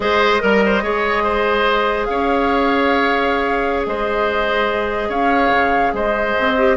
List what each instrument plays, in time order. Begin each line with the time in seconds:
0.00 bassoon G#3, clarinet G#4, oboe C5, flute D#5
0.39 bassoon G3, clarinet A#4, oboe A#4
0.65 oboe C5
0.82 bassoon G#3, clarinet G#4, oboe C#5
1.23 oboe C5
2.05 bassoon C#4, oboe C#5, flute F5
3.86 bassoon G#3, oboe C5, flute D#5
5.08 bassoon C#4, oboe C#5, flute F5
5.49 bassoon C#3
5.92 bassoon G#3, oboe C5, flute D#5
6.39 bassoon C4
6.57 clarinet G4